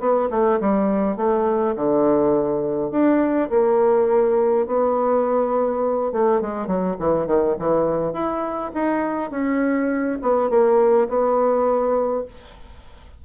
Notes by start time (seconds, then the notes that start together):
0.00 B3
0.30 A3
0.60 G3
1.17 A3
1.76 D3
2.91 D4
3.50 A#3
4.67 B3
6.12 A3
6.41 G#3
6.67 F#3
7.00 E3
7.27 D#3
7.59 E3
8.13 E4
8.74 D#4
9.31 C#4
10.22 B3
10.50 A#3
11.09 B3